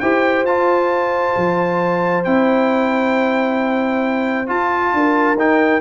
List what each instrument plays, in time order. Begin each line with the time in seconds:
0.00 tuba E4, trombone G4, horn C5, trumpet G5
0.44 tuba F4, trombone F4, trumpet A5
1.37 tuba F3
2.24 tuba C4, trombone E4, trumpet G5
4.47 trombone F4, tuba F4, trumpet A5
4.93 tuba D4, horn A#4
5.35 tuba D#4, trombone D#4, trumpet G5